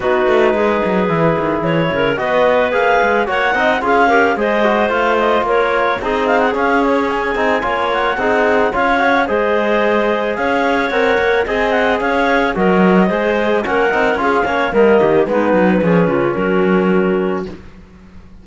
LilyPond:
<<
  \new Staff \with { instrumentName = "clarinet" } { \time 4/4 \tempo 4 = 110 b'2. cis''4 | dis''4 f''4 fis''4 f''4 | dis''4 f''8 dis''8 cis''4 dis''8 f''16 fis''16 | f''8 cis''8 gis''4. fis''4. |
f''4 dis''2 f''4 | fis''4 gis''8 fis''8 f''4 dis''4~ | dis''4 fis''4 f''4 dis''4 | b'2 ais'2 | }
  \new Staff \with { instrumentName = "clarinet" } { \time 4/4 fis'4 gis'2~ gis'8 ais'8 | b'2 cis''8 dis''8 gis'8 ais'8 | c''2 ais'4 gis'4~ | gis'2 cis''4 gis'4 |
cis''4 c''2 cis''4~ | cis''4 dis''4 cis''4 ais'4 | c''4 ais'4 gis'8 cis''8 ais'8 g'8 | dis'4 gis'8 f'8 fis'2 | }
  \new Staff \with { instrumentName = "trombone" } { \time 4/4 dis'2 e'2 | fis'4 gis'4 fis'8 dis'8 f'8 g'8 | gis'8 fis'8 f'2 dis'4 | cis'4. dis'8 f'4 dis'4 |
f'8 fis'8 gis'2. | ais'4 gis'2 fis'4 | gis'4 cis'8 dis'8 f'8 cis'8 ais4 | b4 cis'2. | }
  \new Staff \with { instrumentName = "cello" } { \time 4/4 b8 a8 gis8 fis8 e8 dis8 e8 cis8 | b4 ais8 gis8 ais8 c'8 cis'4 | gis4 a4 ais4 c'4 | cis'4. c'8 ais4 c'4 |
cis'4 gis2 cis'4 | c'8 ais8 c'4 cis'4 fis4 | gis4 ais8 c'8 cis'8 ais8 g8 dis8 | gis8 fis8 f8 cis8 fis2 | }
>>